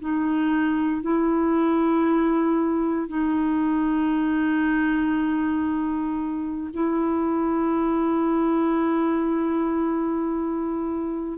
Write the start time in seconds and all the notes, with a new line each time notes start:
0.00 D#4
1.02 E4
3.08 D#4
6.73 E4